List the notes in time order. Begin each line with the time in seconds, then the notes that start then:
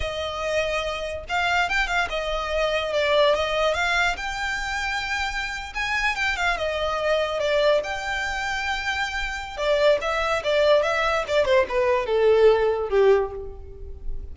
0.00 D#5
1.28 F5
1.69 G5
1.87 F5
2.09 D#5
2.93 D5
3.34 D#5
3.74 F5
4.16 G5
5.74 G#5
6.15 G5
6.36 F5
6.57 D#5
7.39 D5
7.83 G5
9.57 D5
10.01 E5
10.43 D5
10.83 E5
11.27 D5
11.45 C5
11.69 B4
12.06 A4
12.89 G4